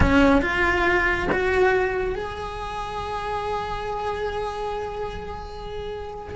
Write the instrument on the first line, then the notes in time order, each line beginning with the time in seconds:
cello
0.00 C#4
0.41 F4
1.31 F#4
2.15 G#4